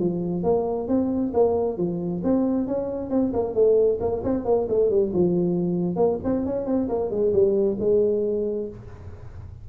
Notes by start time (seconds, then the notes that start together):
0.00 F3
0.44 A#3
0.89 C4
1.34 A#3
1.78 F3
2.24 C4
2.68 C#4
3.11 C4
3.34 A#3
3.55 A3
4.01 A#3
4.24 C4
4.45 A#3
4.69 A3
4.91 G3
5.14 F3
5.97 A#3
6.24 C4
6.46 C#4
6.67 C4
6.89 A#3
7.11 G#3
7.33 G3
7.80 G#3